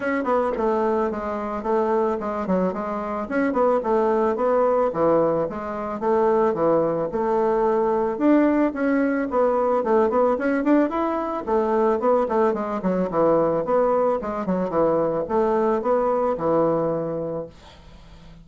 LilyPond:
\new Staff \with { instrumentName = "bassoon" } { \time 4/4 \tempo 4 = 110 cis'8 b8 a4 gis4 a4 | gis8 fis8 gis4 cis'8 b8 a4 | b4 e4 gis4 a4 | e4 a2 d'4 |
cis'4 b4 a8 b8 cis'8 d'8 | e'4 a4 b8 a8 gis8 fis8 | e4 b4 gis8 fis8 e4 | a4 b4 e2 | }